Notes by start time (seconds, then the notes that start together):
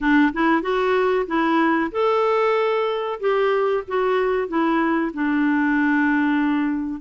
0.00 D4
0.33 E4
0.62 F#4
1.26 E4
1.91 A4
3.19 G4
3.87 F#4
4.47 E4
5.13 D4